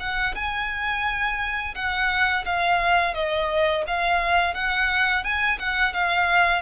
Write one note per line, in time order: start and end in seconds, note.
0.00 0.35 F#5
0.35 1.75 G#5
1.75 2.45 F#5
2.46 3.15 F5
3.15 3.84 D#5
3.87 4.54 F5
4.54 5.24 F#5
5.24 5.59 G#5
5.59 5.94 F#5
5.94 6.62 F5